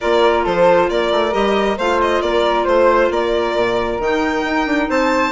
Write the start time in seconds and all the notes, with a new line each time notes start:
0.00 A#3 F4 A#4 D5
0.44 F3 A4 C5
0.89 A#3 A#4 D5
1.11 A3
1.32 G3 G4 D#5
1.77 A3 F4 C5 F5
2.01 D#5
2.21 A#3 A#4 D5
2.64 A3 C5
3.10 A#3 A#4 D5
3.55 A#2
3.99 D#3 D#4 G5
4.44 D#4
4.66 D4
4.89 C4 C5 A5